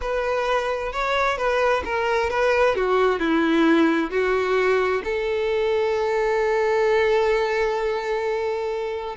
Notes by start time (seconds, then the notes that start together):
0.01 B4
0.92 C#5
1.37 B4
1.84 A#4
2.29 B4
2.75 F#4
3.19 E4
4.10 F#4
5.03 A4